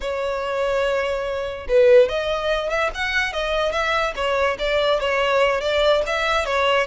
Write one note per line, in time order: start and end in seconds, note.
0.00 1.67 C#5
1.68 2.09 B4
2.09 2.69 D#5
2.69 2.90 E5
2.94 3.32 F#5
3.32 3.72 D#5
3.72 4.13 E5
4.15 4.57 C#5
4.58 5.00 D5
5.00 5.60 C#5
5.60 6.02 D5
6.06 6.45 E5
6.45 6.87 C#5